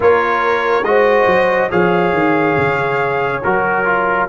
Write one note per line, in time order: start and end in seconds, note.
0.00 0.82 A#3
0.00 0.83 F4
0.00 0.87 A#4
0.00 0.84 C#5
0.82 1.24 G#3
0.82 1.70 F#4
0.82 1.71 C5
0.82 1.69 D#5
1.26 1.69 F#3
1.70 2.12 F3
1.70 3.42 G#4
1.70 4.28 C#5
1.70 3.42 F5
2.12 2.55 D#3
2.57 3.42 C#3
3.43 4.28 F#3
3.43 3.85 F#4
3.43 4.28 A#4
3.85 4.27 F4